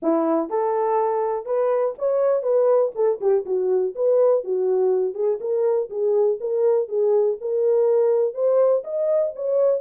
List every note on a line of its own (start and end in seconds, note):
0.02 0.49 E4
0.49 1.45 A4
1.45 1.94 B4
1.98 2.43 C#5
2.43 2.92 B4
2.95 3.20 A4
3.20 3.45 G4
3.45 3.94 F#4
3.95 4.44 B4
4.44 5.14 F#4
5.14 5.39 G#4
5.40 5.89 A#4
5.89 6.39 G#4
6.40 6.88 A#4
6.88 7.37 G#4
7.41 8.34 A#4
8.34 8.83 C5
8.84 9.33 D#5
9.35 9.80 C#5